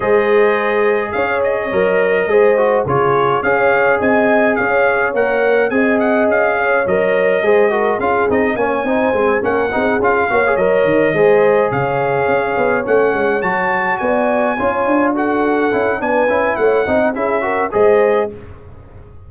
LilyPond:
<<
  \new Staff \with { instrumentName = "trumpet" } { \time 4/4 \tempo 4 = 105 dis''2 f''8 dis''4.~ | dis''4 cis''4 f''4 gis''4 | f''4 fis''4 gis''8 fis''8 f''4 | dis''2 f''8 dis''8 gis''4~ |
gis''8 fis''4 f''4 dis''4.~ | dis''8 f''2 fis''4 a''8~ | a''8 gis''2 fis''4. | gis''4 fis''4 e''4 dis''4 | }
  \new Staff \with { instrumentName = "horn" } { \time 4/4 c''2 cis''2 | c''4 gis'4 cis''4 dis''4 | cis''2 dis''4. cis''8~ | cis''4 c''8 ais'8 gis'4 cis''8 c''8~ |
c''8 ais'8 gis'4 cis''4. c''8~ | c''8 cis''2.~ cis''8~ | cis''8 d''4 cis''4 a'4. | b'4 cis''8 dis''8 gis'8 ais'8 c''4 | }
  \new Staff \with { instrumentName = "trombone" } { \time 4/4 gis'2. ais'4 | gis'8 fis'8 f'4 gis'2~ | gis'4 ais'4 gis'2 | ais'4 gis'8 fis'8 f'8 dis'8 cis'8 dis'8 |
c'8 cis'8 dis'8 f'8 fis'16 gis'16 ais'4 gis'8~ | gis'2~ gis'8 cis'4 fis'8~ | fis'4. f'4 fis'4 e'8 | d'8 e'4 dis'8 e'8 fis'8 gis'4 | }
  \new Staff \with { instrumentName = "tuba" } { \time 4/4 gis2 cis'4 fis4 | gis4 cis4 cis'4 c'4 | cis'4 ais4 c'4 cis'4 | fis4 gis4 cis'8 c'8 ais8 c'8 |
gis8 ais8 c'8 cis'8 ais8 fis8 dis8 gis8~ | gis8 cis4 cis'8 b8 a8 gis8 fis8~ | fis8 b4 cis'8 d'4. cis'8 | b8 cis'8 a8 c'8 cis'4 gis4 | }
>>